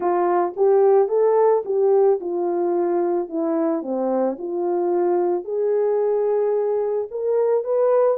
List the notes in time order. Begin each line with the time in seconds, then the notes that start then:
0.00 F4
0.56 G4
1.08 A4
1.65 G4
2.20 F4
3.29 E4
3.82 C4
4.38 F4
5.44 G#4
7.10 A#4
7.63 B4